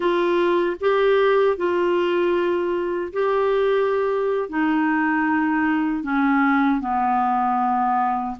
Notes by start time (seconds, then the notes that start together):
0.00 F4
0.80 G4
1.56 F4
3.12 G4
4.49 D#4
6.03 C#4
6.80 B3